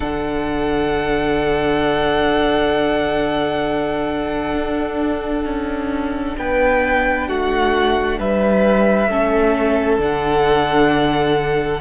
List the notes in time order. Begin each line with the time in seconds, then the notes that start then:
0.00 D3 D4 A4 F#5
4.54 D4
5.44 C#4
6.37 B3 B4 G5
7.28 A3 F#4 F#5
8.19 G3 B4 E5
9.07 A3 C#4 A4
9.98 D3 D4 F#5